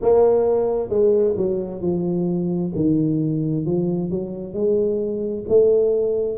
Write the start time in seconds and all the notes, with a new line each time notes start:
0.01 A#3
0.88 G#3
1.36 F#3
1.81 F3
2.75 D#3
3.65 F3
4.10 F#3
4.53 G#3
5.48 A3